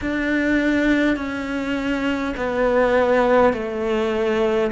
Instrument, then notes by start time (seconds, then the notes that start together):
cello
0.01 D4
1.16 C#4
2.36 B3
3.53 A3